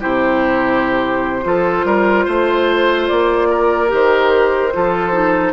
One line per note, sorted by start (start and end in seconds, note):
0.00 1.45 C3
0.00 1.43 E4
0.00 1.45 G4
0.00 3.07 C5
1.43 1.84 F3
1.43 3.88 F4
1.43 1.86 A4
1.84 2.26 G3
1.84 2.25 A#4
2.25 3.09 A3
2.25 3.48 C5
3.07 3.92 A#3
3.07 3.90 D5
3.50 4.73 A#4
3.88 4.74 D#3
3.88 4.70 G4
3.94 5.53 C5
4.73 5.53 F3
4.73 5.13 F4
4.73 5.53 A4
5.13 5.53 D#4